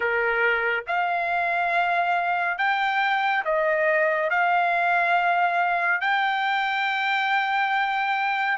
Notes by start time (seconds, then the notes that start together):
0.00 A#4
0.87 F5
2.58 G5
3.44 D#5
4.30 F5
6.00 G5